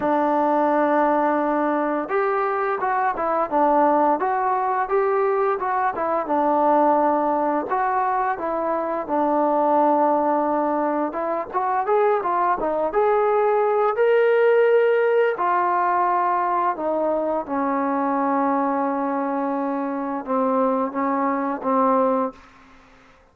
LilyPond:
\new Staff \with { instrumentName = "trombone" } { \time 4/4 \tempo 4 = 86 d'2. g'4 | fis'8 e'8 d'4 fis'4 g'4 | fis'8 e'8 d'2 fis'4 | e'4 d'2. |
e'8 fis'8 gis'8 f'8 dis'8 gis'4. | ais'2 f'2 | dis'4 cis'2.~ | cis'4 c'4 cis'4 c'4 | }